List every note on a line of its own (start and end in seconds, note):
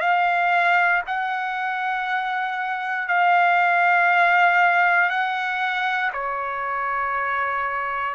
0.00 1.02 F5
1.06 3.08 F#5
3.08 5.09 F5
5.09 6.11 F#5
6.12 8.14 C#5